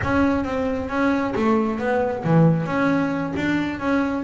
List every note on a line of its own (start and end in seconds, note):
0.03 0.44 C#4
0.44 0.89 C4
0.89 1.33 C#4
1.35 1.78 A3
1.78 2.23 B3
2.23 2.66 E3
2.66 3.33 C#4
3.36 3.79 D4
3.79 4.24 C#4